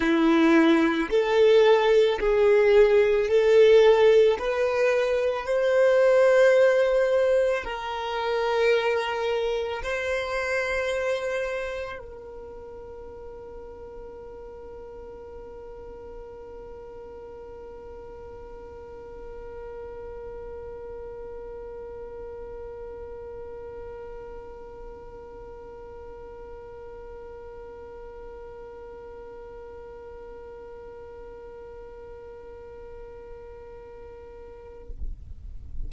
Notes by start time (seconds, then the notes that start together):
0.00 E4
1.10 A4
2.20 G#4
3.28 A4
4.38 B4
5.45 C5
7.64 A#4
9.82 C5
11.99 A#4